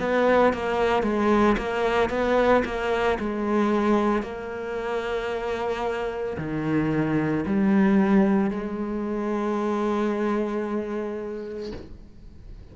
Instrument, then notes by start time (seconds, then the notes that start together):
cello
0.00 B3
0.53 A#3
1.03 G#3
1.58 A#3
2.10 B3
2.65 A#3
3.19 G#3
4.23 A#3
6.38 D#3
7.47 G3
8.51 G#3